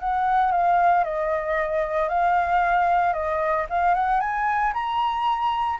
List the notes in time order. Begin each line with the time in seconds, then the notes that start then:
0.00 F#5
0.51 F5
1.04 D#5
2.09 F5
3.13 D#5
3.69 F5
3.94 F#5
4.20 G#5
4.74 A#5